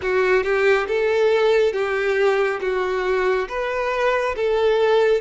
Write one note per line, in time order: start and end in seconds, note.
0.02 0.43 F#4
0.43 0.87 G4
0.87 1.72 A4
1.72 2.59 G4
2.60 3.47 F#4
3.48 4.35 B4
4.36 5.21 A4